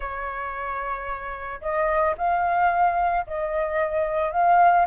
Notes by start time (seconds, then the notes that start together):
0.00 C#5
1.61 D#5
2.17 F5
3.27 D#5
4.31 F5